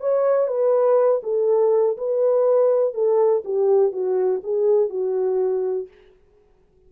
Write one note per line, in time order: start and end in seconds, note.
0.00 0.47 C#5
0.47 1.21 B4
1.23 1.97 A4
1.97 2.94 B4
2.94 3.43 A4
3.44 3.92 G4
3.92 4.41 F#4
4.43 4.89 G#4
4.89 5.87 F#4